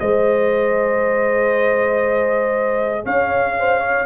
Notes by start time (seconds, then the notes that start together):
0.00 G#3 G#4 C5 D#5
3.05 C#4 C#5 F5
3.59 C5
3.80 C#5